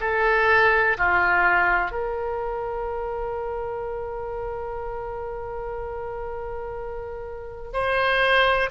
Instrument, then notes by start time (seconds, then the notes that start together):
oboe
0.00 A4
0.97 F4
1.91 A#4
7.73 C5